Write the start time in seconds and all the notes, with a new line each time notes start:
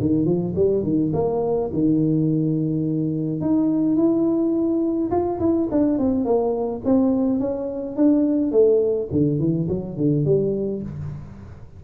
0.00 D#3
0.25 F3
0.56 G3
0.83 D#3
1.14 A#3
1.73 D#3
3.41 D#4
3.96 E4
5.11 F4
5.40 E4
5.71 D4
5.98 C4
6.25 A#3
6.85 C4
7.40 C#4
7.97 D4
8.52 A3
9.12 D3
9.39 E3
9.69 F#3
9.97 D3
10.25 G3